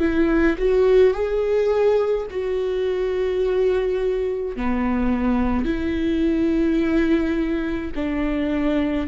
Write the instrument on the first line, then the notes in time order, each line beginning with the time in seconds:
viola
0.00 E4
0.59 F#4
1.14 G#4
2.31 F#4
4.56 B3
5.65 E4
7.96 D4